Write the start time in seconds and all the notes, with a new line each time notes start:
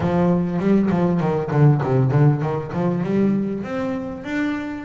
0.00 F3
0.59 G3
0.90 F3
1.20 D#3
1.51 D3
1.83 C3
2.11 D3
2.41 D#3
2.72 F3
3.03 G3
3.63 C4
4.24 D4